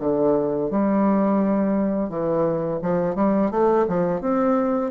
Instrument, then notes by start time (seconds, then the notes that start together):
bassoon
0.00 D3
0.70 G3
2.09 E3
2.82 F3
3.15 G3
3.51 A3
3.87 F3
4.20 C4